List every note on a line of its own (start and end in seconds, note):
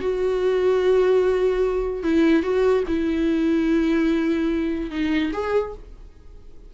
0.00 2.03 F#4
2.03 2.42 E4
2.42 2.83 F#4
2.87 4.90 E4
4.90 5.31 D#4
5.32 5.73 G#4